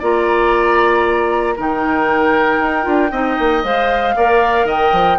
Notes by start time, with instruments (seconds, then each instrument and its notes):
0.00 bassoon A#3, clarinet F4, oboe D5, flute A#5
1.57 bassoon D#3, clarinet D#4, oboe A#4, flute G5
2.60 bassoon D#4
2.83 bassoon D4, clarinet F4
3.12 bassoon C4, clarinet D#4, oboe D#5
3.39 bassoon A#3
3.64 bassoon G#3, clarinet C5, flute F5
4.17 bassoon A#3, clarinet A#4, oboe D5
4.65 bassoon D#3, oboe D#5, flute G5
4.93 bassoon F3